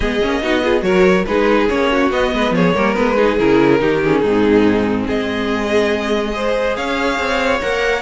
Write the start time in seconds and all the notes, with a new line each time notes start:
0.00 G#3 B3 G#4 D#5
0.21 A#3 C#4
0.41 B3 D#4 F#4
0.63 F4 G#4
0.81 F#3 F#4 A#4 C#5
1.26 G#3 D#4 G#4 B4
1.69 A#3 C#4 C#5
1.92 F#4
2.10 B3 D#5
2.32 G#3 B4
2.51 F3 G#4 C#5
2.74 G3 A#3 A#4
2.94 G#3 B3 B4
3.16 D#4 G#4
3.38 C#3 E4 A#4
3.79 D#3 D#4 G4
4.03 C#4 G#4
4.20 G#2 C4 D#4
5.06 G#3 G#4 D#5
6.32 G#4 C5
6.76 C#4 C#5 F5
7.18 C4
7.61 A#3 A#4 F#5